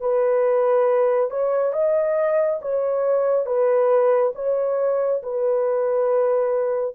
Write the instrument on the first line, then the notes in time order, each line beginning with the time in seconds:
horn
0.00 B4
1.30 C#5
1.73 D#5
2.61 C#5
3.45 B4
4.35 C#5
5.22 B4